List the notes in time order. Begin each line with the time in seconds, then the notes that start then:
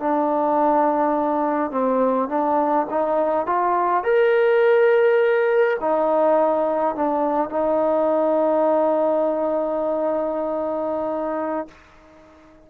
0.00 D4
1.72 C4
2.29 D4
2.90 D#4
3.46 F4
4.04 A#4
5.81 D#4
6.96 D4
7.50 D#4